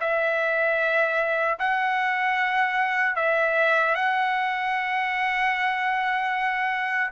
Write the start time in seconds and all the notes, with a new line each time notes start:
0.00 E5
1.59 F#5
3.16 E5
3.95 F#5